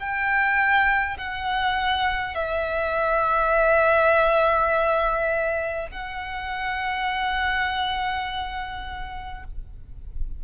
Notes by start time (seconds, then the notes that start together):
0.00 G5
1.18 F#5
2.35 E5
5.91 F#5